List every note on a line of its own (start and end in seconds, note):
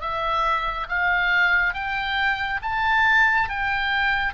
0.00 0.87 E5
0.88 1.74 F5
1.74 2.60 G5
2.62 3.49 A5
3.49 4.33 G5